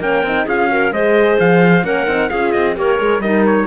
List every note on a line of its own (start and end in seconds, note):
0.00 0.23 A#3
0.00 0.25 C#4
0.00 0.45 A#4
0.00 0.48 G5
0.23 0.46 C4
0.23 0.48 D#4
0.45 0.92 C#4
0.45 0.68 F4
0.45 0.68 G#4
0.45 0.93 F5
0.68 0.91 F#4
0.68 0.93 A#4
0.92 1.37 G#3
0.92 1.83 G#4
0.92 1.85 C5
0.92 1.39 D#5
1.40 1.84 F3
1.40 1.85 F5
1.83 2.07 A#3
1.83 2.06 C#4
1.83 2.30 A#4
1.83 2.30 F#5
2.06 2.30 C4
2.06 2.29 D#4
2.30 2.55 C#4
2.30 2.75 F4
2.30 2.76 G#4
2.30 2.52 F5
2.52 2.77 C4
2.52 2.75 D#5
2.75 3.00 A#3
2.75 2.97 G4
2.75 3.23 A#4
2.75 3.22 C#5
2.97 3.19 G#3
2.97 3.20 G#4
3.19 3.65 G3
3.19 3.67 D#4
3.19 3.67 A#4
3.19 3.44 D#5
3.46 3.67 C#5